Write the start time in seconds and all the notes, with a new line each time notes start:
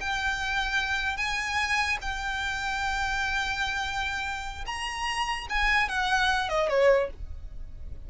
0.00 G5
1.17 G#5
2.01 G5
4.66 A#5
5.49 G#5
5.89 F#5
6.49 D#5
6.69 C#5